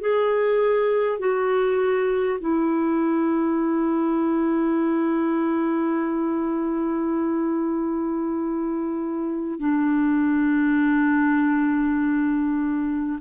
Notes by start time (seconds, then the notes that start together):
0.00 G#4
1.18 F#4
2.39 E4
9.59 D4